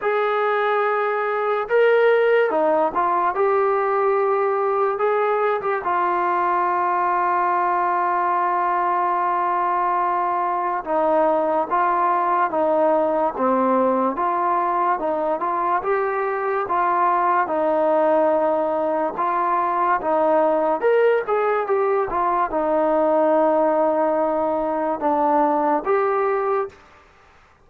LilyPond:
\new Staff \with { instrumentName = "trombone" } { \time 4/4 \tempo 4 = 72 gis'2 ais'4 dis'8 f'8 | g'2 gis'8. g'16 f'4~ | f'1~ | f'4 dis'4 f'4 dis'4 |
c'4 f'4 dis'8 f'8 g'4 | f'4 dis'2 f'4 | dis'4 ais'8 gis'8 g'8 f'8 dis'4~ | dis'2 d'4 g'4 | }